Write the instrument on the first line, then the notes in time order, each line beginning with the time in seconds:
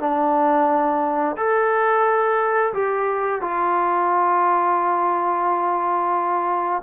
trombone
0.00 D4
1.37 A4
2.74 G4
3.42 F4